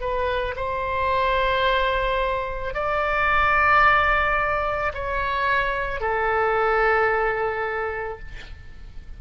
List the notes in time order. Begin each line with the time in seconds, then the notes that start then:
0.00 B4
0.56 C5
2.74 D5
4.94 C#5
6.00 A4